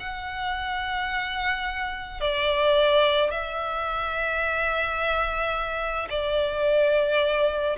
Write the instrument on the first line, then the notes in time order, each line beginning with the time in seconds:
violin
0.00 F#5
2.21 D5
3.31 E5
6.10 D5